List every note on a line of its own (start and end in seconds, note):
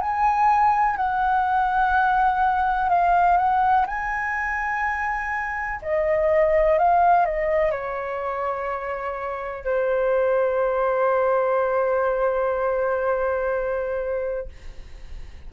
0.00 0.96 G#5
0.96 2.89 F#5
2.89 3.37 F5
3.37 3.85 F#5
3.86 5.80 G#5
5.82 6.78 D#5
6.78 7.25 F5
7.25 7.71 D#5
7.71 9.64 C#5
9.64 14.48 C5